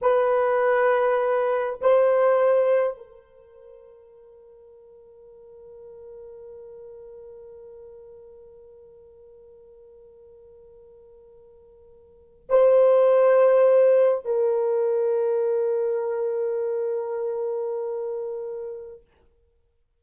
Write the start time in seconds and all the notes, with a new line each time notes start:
0.01 B4
1.81 C5
2.97 A#4
12.49 C5
14.25 A#4